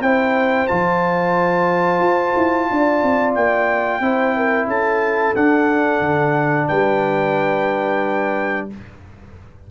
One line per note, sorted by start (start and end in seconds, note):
0.00 0.67 C4
0.00 0.68 E4
0.00 2.69 C5
0.00 0.67 G5
0.67 1.99 F3
0.67 4.01 F4
0.67 3.33 A5
1.99 2.32 F4
2.36 2.69 E4
2.69 3.02 D4
2.69 4.03 D5
3.02 3.35 C4
3.34 4.00 A#3
3.34 4.67 G5
4.00 4.67 C4
4.00 5.35 E4
4.00 4.36 C5
4.36 4.67 A#4
4.67 5.33 C#4
4.67 6.67 A4
4.67 5.35 A5
5.35 6.00 D4
5.35 8.70 D4
5.35 6.67 F#5
6.00 6.67 D3
6.67 8.70 G3
6.67 8.67 B4
6.67 8.67 G5